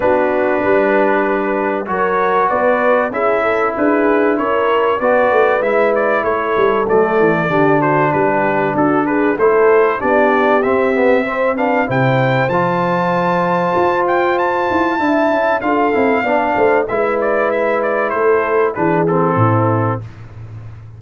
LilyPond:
<<
  \new Staff \with { instrumentName = "trumpet" } { \time 4/4 \tempo 4 = 96 b'2. cis''4 | d''4 e''4 b'4 cis''4 | d''4 e''8 d''8 cis''4 d''4~ | d''8 c''8 b'4 a'8 b'8 c''4 |
d''4 e''4. f''8 g''4 | a''2~ a''8 g''8 a''4~ | a''4 f''2 e''8 d''8 | e''8 d''8 c''4 b'8 a'4. | }
  \new Staff \with { instrumentName = "horn" } { \time 4/4 fis'4 b'2 ais'4 | b'4 gis'8 a'8 gis'4 ais'4 | b'2 a'2 | g'8 fis'8 g'4 fis'8 gis'8 a'4 |
g'2 c''8 b'8 c''4~ | c''1 | e''4 a'4 d''8 c''8 b'4~ | b'4 a'4 gis'4 e'4 | }
  \new Staff \with { instrumentName = "trombone" } { \time 4/4 d'2. fis'4~ | fis'4 e'2. | fis'4 e'2 a4 | d'2. e'4 |
d'4 c'8 b8 c'8 d'8 e'4 | f'1 | e'4 f'8 e'8 d'4 e'4~ | e'2 d'8 c'4. | }
  \new Staff \with { instrumentName = "tuba" } { \time 4/4 b4 g2 fis4 | b4 cis'4 d'4 cis'4 | b8 a8 gis4 a8 g8 fis8 e8 | d4 g4 d'4 a4 |
b4 c'2 c4 | f2 f'4. e'8 | d'8 cis'8 d'8 c'8 b8 a8 gis4~ | gis4 a4 e4 a,4 | }
>>